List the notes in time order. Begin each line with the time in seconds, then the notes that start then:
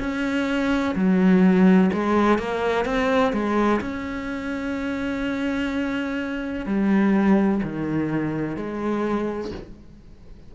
0.00 C#4
0.95 F#3
1.94 G#3
2.39 A#3
2.86 C4
3.33 G#3
3.81 C#4
6.67 G3
7.64 D#3
8.57 G#3